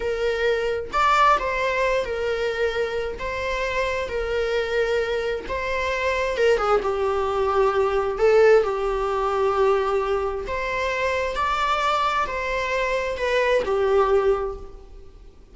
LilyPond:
\new Staff \with { instrumentName = "viola" } { \time 4/4 \tempo 4 = 132 ais'2 d''4 c''4~ | c''8 ais'2~ ais'8 c''4~ | c''4 ais'2. | c''2 ais'8 gis'8 g'4~ |
g'2 a'4 g'4~ | g'2. c''4~ | c''4 d''2 c''4~ | c''4 b'4 g'2 | }